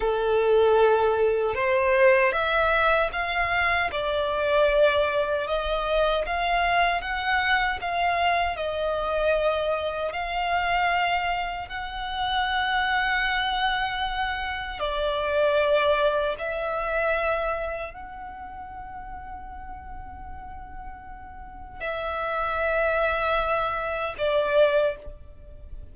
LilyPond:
\new Staff \with { instrumentName = "violin" } { \time 4/4 \tempo 4 = 77 a'2 c''4 e''4 | f''4 d''2 dis''4 | f''4 fis''4 f''4 dis''4~ | dis''4 f''2 fis''4~ |
fis''2. d''4~ | d''4 e''2 fis''4~ | fis''1 | e''2. d''4 | }